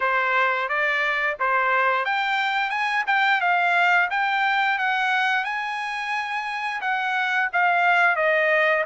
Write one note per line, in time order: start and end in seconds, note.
0.00 0.68 C5
0.68 1.36 D5
1.39 2.05 C5
2.05 2.70 G5
2.70 3.04 G#5
3.07 3.41 G5
3.41 4.09 F5
4.10 4.78 G5
4.78 5.44 F#5
5.44 6.80 G#5
6.81 7.49 F#5
7.52 8.16 F5
8.16 8.84 D#5